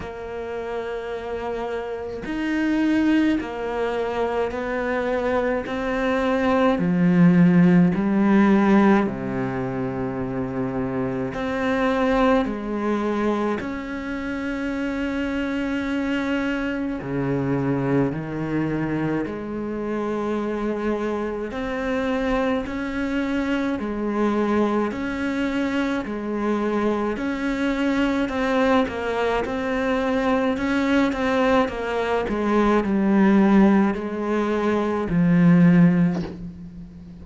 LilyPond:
\new Staff \with { instrumentName = "cello" } { \time 4/4 \tempo 4 = 53 ais2 dis'4 ais4 | b4 c'4 f4 g4 | c2 c'4 gis4 | cis'2. cis4 |
dis4 gis2 c'4 | cis'4 gis4 cis'4 gis4 | cis'4 c'8 ais8 c'4 cis'8 c'8 | ais8 gis8 g4 gis4 f4 | }